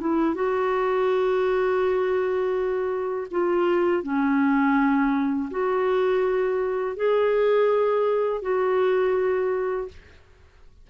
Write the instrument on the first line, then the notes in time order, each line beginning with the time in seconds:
clarinet
0.00 E4
0.35 F#4
3.31 F4
4.03 C#4
5.50 F#4
6.96 G#4
8.42 F#4